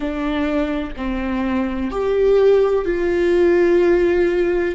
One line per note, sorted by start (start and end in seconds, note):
0.00 0.93 D4
0.96 1.90 C4
1.90 2.85 G4
2.85 4.75 F4